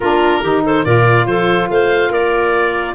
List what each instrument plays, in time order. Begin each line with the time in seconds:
0.00 tuba A#3, saxophone D4, clarinet F4, oboe A#4
0.41 tuba D#3, saxophone D#4, clarinet G4
0.64 clarinet A4, oboe C5
0.84 tuba A#2, saxophone F4, clarinet A#4, oboe D5
1.26 tuba F3, clarinet A4, oboe C5
1.69 tuba A3, clarinet C5, oboe F5
2.10 tuba A#3, clarinet A#4, oboe D5